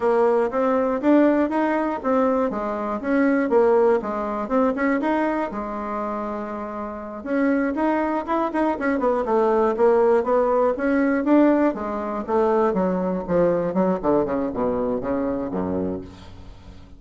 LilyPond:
\new Staff \with { instrumentName = "bassoon" } { \time 4/4 \tempo 4 = 120 ais4 c'4 d'4 dis'4 | c'4 gis4 cis'4 ais4 | gis4 c'8 cis'8 dis'4 gis4~ | gis2~ gis8 cis'4 dis'8~ |
dis'8 e'8 dis'8 cis'8 b8 a4 ais8~ | ais8 b4 cis'4 d'4 gis8~ | gis8 a4 fis4 f4 fis8 | d8 cis8 b,4 cis4 fis,4 | }